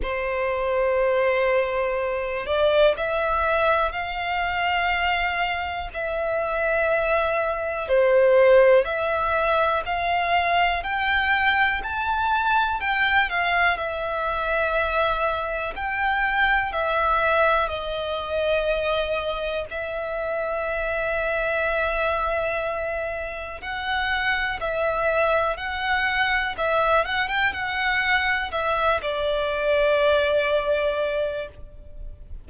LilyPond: \new Staff \with { instrumentName = "violin" } { \time 4/4 \tempo 4 = 61 c''2~ c''8 d''8 e''4 | f''2 e''2 | c''4 e''4 f''4 g''4 | a''4 g''8 f''8 e''2 |
g''4 e''4 dis''2 | e''1 | fis''4 e''4 fis''4 e''8 fis''16 g''16 | fis''4 e''8 d''2~ d''8 | }